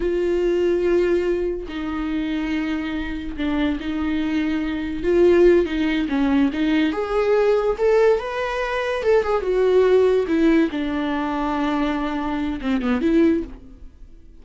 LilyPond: \new Staff \with { instrumentName = "viola" } { \time 4/4 \tempo 4 = 143 f'1 | dis'1 | d'4 dis'2. | f'4. dis'4 cis'4 dis'8~ |
dis'8 gis'2 a'4 b'8~ | b'4. a'8 gis'8 fis'4.~ | fis'8 e'4 d'2~ d'8~ | d'2 c'8 b8 e'4 | }